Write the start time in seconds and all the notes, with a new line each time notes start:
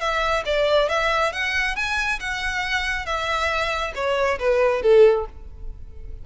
0.00 E5
0.45 D5
0.89 E5
1.33 F#5
1.76 G#5
2.20 F#5
3.06 E5
3.95 C#5
4.39 B4
4.82 A4